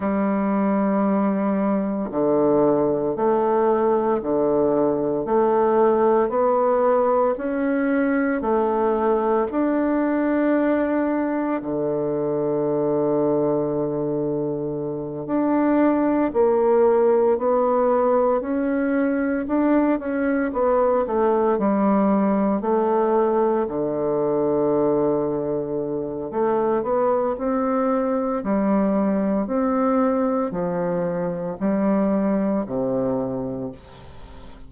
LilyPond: \new Staff \with { instrumentName = "bassoon" } { \time 4/4 \tempo 4 = 57 g2 d4 a4 | d4 a4 b4 cis'4 | a4 d'2 d4~ | d2~ d8 d'4 ais8~ |
ais8 b4 cis'4 d'8 cis'8 b8 | a8 g4 a4 d4.~ | d4 a8 b8 c'4 g4 | c'4 f4 g4 c4 | }